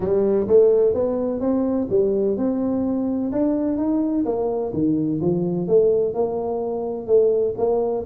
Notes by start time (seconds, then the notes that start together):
0.00 G3
0.47 A3
0.93 B3
1.40 C4
1.89 G3
2.37 C4
3.32 D4
3.77 D#4
4.25 A#3
4.73 D#3
5.21 F3
5.67 A3
6.14 A#3
7.07 A3
7.57 A#3